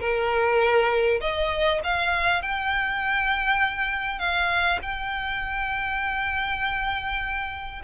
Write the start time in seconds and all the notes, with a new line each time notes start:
0.00 A#4
1.21 D#5
1.84 F5
2.42 G5
4.19 F5
4.82 G5